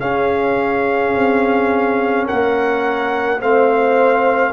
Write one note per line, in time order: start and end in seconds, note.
0.00 3.40 C#4
0.00 1.14 C#4
0.00 2.26 G#4
0.00 2.26 F5
1.15 2.28 C4
2.26 3.41 A#3
2.26 3.39 A#4
2.26 3.41 F#5
3.40 4.53 A3
3.40 4.53 C4
3.40 4.53 C5
3.40 4.53 F5